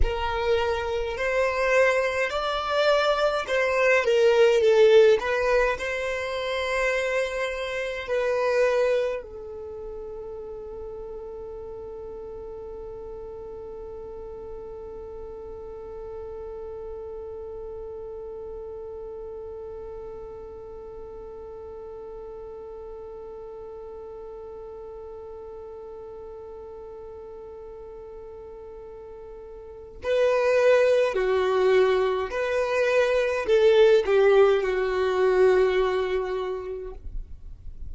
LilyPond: \new Staff \with { instrumentName = "violin" } { \time 4/4 \tempo 4 = 52 ais'4 c''4 d''4 c''8 ais'8 | a'8 b'8 c''2 b'4 | a'1~ | a'1~ |
a'1~ | a'1~ | a'2 b'4 fis'4 | b'4 a'8 g'8 fis'2 | }